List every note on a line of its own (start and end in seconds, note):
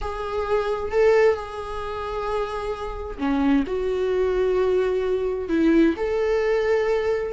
0.01 0.91 G#4
0.91 1.34 A4
1.34 3.18 G#4
3.18 3.64 C#4
3.66 5.49 F#4
5.49 5.94 E4
5.96 7.32 A4